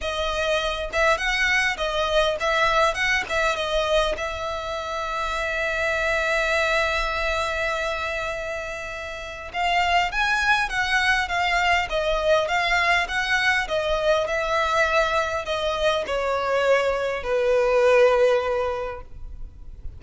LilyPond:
\new Staff \with { instrumentName = "violin" } { \time 4/4 \tempo 4 = 101 dis''4. e''8 fis''4 dis''4 | e''4 fis''8 e''8 dis''4 e''4~ | e''1~ | e''1 |
f''4 gis''4 fis''4 f''4 | dis''4 f''4 fis''4 dis''4 | e''2 dis''4 cis''4~ | cis''4 b'2. | }